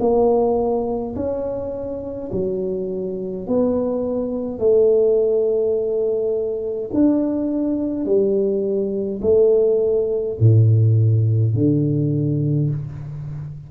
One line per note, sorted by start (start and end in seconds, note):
0.00 1.15 A#3
1.16 2.31 C#4
2.32 3.47 F#3
3.47 4.59 B3
4.59 6.90 A3
6.94 8.05 D4
8.05 9.21 G3
9.22 10.37 A3
10.40 11.54 A2
11.54 12.70 D3